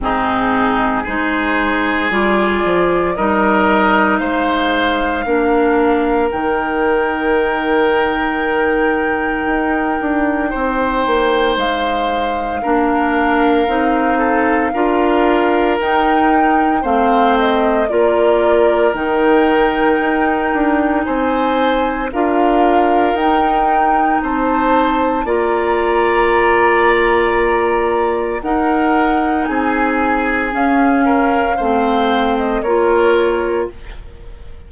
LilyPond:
<<
  \new Staff \with { instrumentName = "flute" } { \time 4/4 \tempo 4 = 57 gis'4 c''4 d''4 dis''4 | f''2 g''2~ | g''2. f''4~ | f''2. g''4 |
f''8 dis''8 d''4 g''2 | gis''4 f''4 g''4 a''4 | ais''2. fis''4 | gis''4 f''4.~ f''16 dis''16 cis''4 | }
  \new Staff \with { instrumentName = "oboe" } { \time 4/4 dis'4 gis'2 ais'4 | c''4 ais'2.~ | ais'2 c''2 | ais'4. a'8 ais'2 |
c''4 ais'2. | c''4 ais'2 c''4 | d''2. ais'4 | gis'4. ais'8 c''4 ais'4 | }
  \new Staff \with { instrumentName = "clarinet" } { \time 4/4 c'4 dis'4 f'4 dis'4~ | dis'4 d'4 dis'2~ | dis'1 | d'4 dis'4 f'4 dis'4 |
c'4 f'4 dis'2~ | dis'4 f'4 dis'2 | f'2. dis'4~ | dis'4 cis'4 c'4 f'4 | }
  \new Staff \with { instrumentName = "bassoon" } { \time 4/4 gis,4 gis4 g8 f8 g4 | gis4 ais4 dis2~ | dis4 dis'8 d'8 c'8 ais8 gis4 | ais4 c'4 d'4 dis'4 |
a4 ais4 dis4 dis'8 d'8 | c'4 d'4 dis'4 c'4 | ais2. dis'4 | c'4 cis'4 a4 ais4 | }
>>